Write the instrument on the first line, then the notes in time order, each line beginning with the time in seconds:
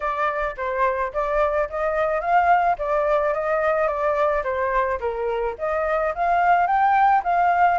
flute
0.00 D5
0.57 C5
1.13 D5
1.69 D#5
2.20 F5
2.78 D5
3.34 D#5
3.87 D5
4.43 C5
5.00 A#4
5.58 D#5
6.14 F5
6.66 G5
7.23 F5